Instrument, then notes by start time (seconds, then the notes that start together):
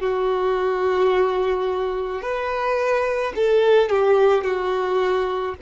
violin
0.00 F#4
2.21 B4
3.35 A4
3.89 G4
4.43 F#4